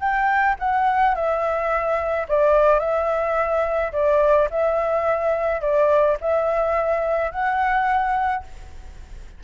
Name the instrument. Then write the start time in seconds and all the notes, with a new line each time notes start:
flute
0.00 G5
0.59 F#5
1.15 E5
2.29 D5
2.80 E5
3.93 D5
4.51 E5
5.62 D5
6.21 E5
7.32 F#5